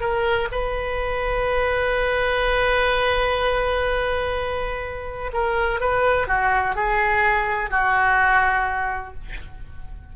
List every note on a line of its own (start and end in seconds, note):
0.00 0.48 A#4
0.51 5.31 B4
5.33 5.80 A#4
5.80 6.27 B4
6.27 6.75 F#4
6.75 7.70 G#4
7.70 9.14 F#4